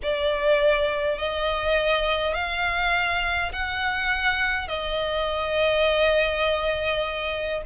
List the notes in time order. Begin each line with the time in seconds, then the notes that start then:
0.02 D5
1.18 D#5
2.34 F5
3.52 F#5
4.67 D#5